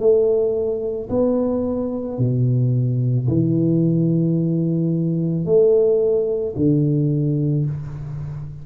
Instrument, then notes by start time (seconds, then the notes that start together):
tuba
0.00 A3
1.10 B3
2.19 B2
3.28 E3
5.45 A3
6.57 D3